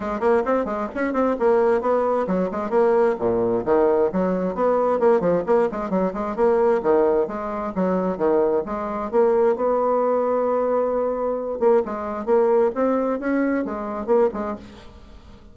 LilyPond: \new Staff \with { instrumentName = "bassoon" } { \time 4/4 \tempo 4 = 132 gis8 ais8 c'8 gis8 cis'8 c'8 ais4 | b4 fis8 gis8 ais4 ais,4 | dis4 fis4 b4 ais8 f8 | ais8 gis8 fis8 gis8 ais4 dis4 |
gis4 fis4 dis4 gis4 | ais4 b2.~ | b4. ais8 gis4 ais4 | c'4 cis'4 gis4 ais8 gis8 | }